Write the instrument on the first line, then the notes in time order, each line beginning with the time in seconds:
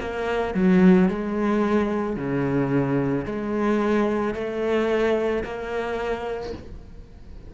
cello
0.00 A#3
0.54 F#3
1.08 G#3
2.16 C#3
3.25 G#3
4.34 A3
5.43 A#3